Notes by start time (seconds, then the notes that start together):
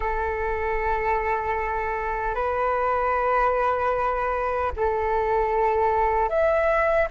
0.00 A4
2.34 B4
4.76 A4
6.29 E5